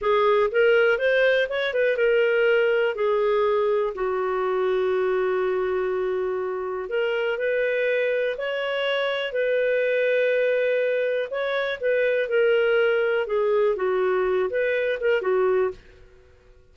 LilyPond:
\new Staff \with { instrumentName = "clarinet" } { \time 4/4 \tempo 4 = 122 gis'4 ais'4 c''4 cis''8 b'8 | ais'2 gis'2 | fis'1~ | fis'2 ais'4 b'4~ |
b'4 cis''2 b'4~ | b'2. cis''4 | b'4 ais'2 gis'4 | fis'4. b'4 ais'8 fis'4 | }